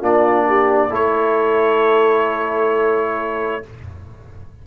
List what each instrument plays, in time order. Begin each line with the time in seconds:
0.00 tuba A#3, trombone D4, horn F4, trumpet D5
0.48 horn G4
0.90 tuba A3, trombone E4, horn A4, trumpet C#5